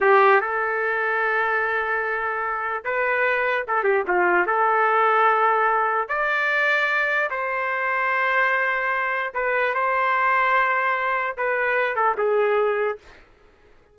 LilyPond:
\new Staff \with { instrumentName = "trumpet" } { \time 4/4 \tempo 4 = 148 g'4 a'2.~ | a'2. b'4~ | b'4 a'8 g'8 f'4 a'4~ | a'2. d''4~ |
d''2 c''2~ | c''2. b'4 | c''1 | b'4. a'8 gis'2 | }